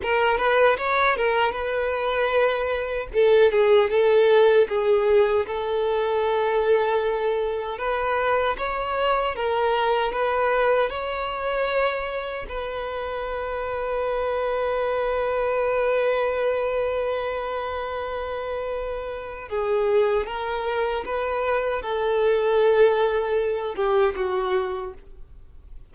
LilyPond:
\new Staff \with { instrumentName = "violin" } { \time 4/4 \tempo 4 = 77 ais'8 b'8 cis''8 ais'8 b'2 | a'8 gis'8 a'4 gis'4 a'4~ | a'2 b'4 cis''4 | ais'4 b'4 cis''2 |
b'1~ | b'1~ | b'4 gis'4 ais'4 b'4 | a'2~ a'8 g'8 fis'4 | }